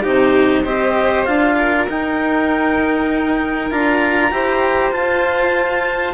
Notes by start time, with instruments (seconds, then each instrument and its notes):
0.00 bassoon C3, cello D#4, violin G4, clarinet C5
0.63 bassoon C4, cello G4, violin C5, clarinet D#5
1.24 bassoon D4, cello F4, clarinet F5
1.57 violin A#4
1.88 bassoon D#4, cello D#4, clarinet G5
3.70 bassoon D4, cello F4, clarinet A#5
4.31 bassoon E4, cello G4, violin C5
4.92 cello F4, bassoon F4, clarinet A5